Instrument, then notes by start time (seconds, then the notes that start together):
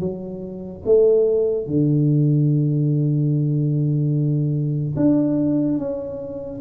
tuba
0.00 F#3
0.85 A3
1.67 D3
4.97 D4
5.78 C#4